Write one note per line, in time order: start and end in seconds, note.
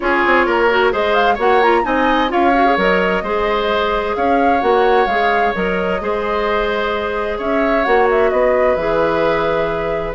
0.00 0.24 C#4
0.00 0.69 F4
0.00 0.46 G#4
0.00 0.91 C#5
0.26 0.46 C4
0.46 0.92 A#3
0.46 0.92 A#4
0.70 0.91 F#4
0.91 1.38 G#3
0.91 1.38 G#4
0.91 1.34 C5
0.91 1.13 D#5
1.13 1.37 F5
1.34 1.84 A#3
1.34 1.61 F#4
1.34 1.80 C#5
1.34 1.62 F#5
1.62 1.83 F4
1.62 1.84 A#5
1.83 2.31 C4
1.83 2.28 D#4
1.83 2.31 D#5
1.83 2.30 G#5
2.28 2.77 C#4
2.28 2.51 F4
2.28 3.23 C#5
2.28 2.77 F5
2.54 2.65 F#4
2.65 2.77 G#4
2.77 3.22 F#3
2.77 3.23 A#4
2.77 4.15 D#5
3.22 4.14 G#3
3.22 4.60 G#4
3.22 4.16 C5
4.15 4.62 C#4
4.15 6.01 C#5
4.15 4.61 F5
4.60 5.06 A#3
4.60 5.06 F#4
4.60 5.07 F#5
5.06 5.52 G#3
5.06 5.54 G#4
5.06 5.53 F5
5.54 6.01 F#3
5.54 6.00 A#4
5.54 7.39 D#5
6.00 7.39 G#3
6.00 7.85 G#4
6.00 7.37 C5
7.37 7.85 C#4
7.37 8.30 C#5
7.37 7.84 E5
7.84 8.32 A#3
7.84 8.77 F#4
7.84 8.07 F#5
8.10 8.30 E5
8.30 8.76 B3
8.30 10.14 B4
8.30 8.75 D#5
8.75 10.14 E3
8.75 10.14 G#4
8.75 10.13 E5